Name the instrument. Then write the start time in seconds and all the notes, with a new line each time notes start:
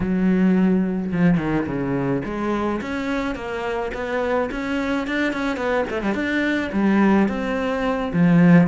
cello
0.00 F#3
1.12 F3
1.37 D#3
1.66 C#3
2.24 G#3
2.81 C#4
3.35 A#3
3.94 B3
4.51 C#4
5.07 D4
5.32 C#4
5.56 B3
5.90 A3
6.02 G3
6.14 D4
6.72 G3
7.28 C4
8.13 F3